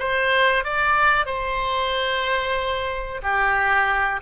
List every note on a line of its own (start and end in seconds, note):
0.00 0.65 C5
0.65 1.26 D5
1.26 3.22 C5
3.23 4.21 G4